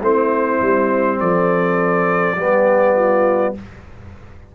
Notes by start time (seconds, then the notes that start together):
0.00 A3 C4 E4 C5
0.61 G3
1.19 F3 A4 D5
2.36 G3 B3 G4
2.95 F4